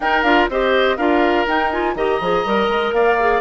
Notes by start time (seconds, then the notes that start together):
0.00 D#4 A#4 G5
0.23 D4 F4 F5
0.49 C4 G4 C5 D#5
0.96 D4 F4 A#4 F5
1.47 D#4 G5
1.71 F4 G#5
1.95 D#3 G4 D#5 A#5
2.20 F3 G#4
2.45 G3 A#4
2.68 G#3
2.92 A#3 D5 F5
3.19 G#4